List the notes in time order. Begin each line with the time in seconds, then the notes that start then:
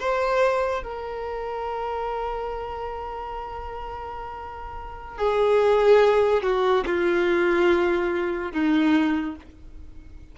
0.00 C5
0.83 A#4
5.18 G#4
6.43 F#4
6.86 F4
8.52 D#4